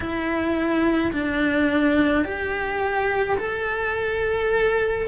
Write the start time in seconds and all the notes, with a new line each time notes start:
0.00 E4
1.12 D4
2.24 G4
3.38 A4